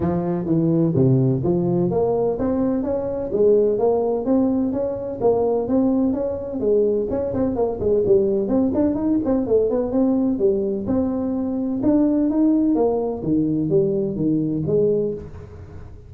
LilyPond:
\new Staff \with { instrumentName = "tuba" } { \time 4/4 \tempo 4 = 127 f4 e4 c4 f4 | ais4 c'4 cis'4 gis4 | ais4 c'4 cis'4 ais4 | c'4 cis'4 gis4 cis'8 c'8 |
ais8 gis8 g4 c'8 d'8 dis'8 c'8 | a8 b8 c'4 g4 c'4~ | c'4 d'4 dis'4 ais4 | dis4 g4 dis4 gis4 | }